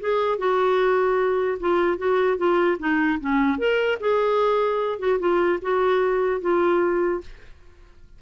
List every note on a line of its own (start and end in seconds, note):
0.00 0.38 G#4
0.38 1.58 F#4
1.60 1.98 F4
1.98 2.37 F#4
2.37 2.77 F4
2.79 3.19 D#4
3.20 3.58 C#4
3.58 3.98 A#4
4.00 4.99 G#4
4.99 5.19 F#4
5.19 5.59 F4
5.61 6.41 F#4
6.41 7.21 F4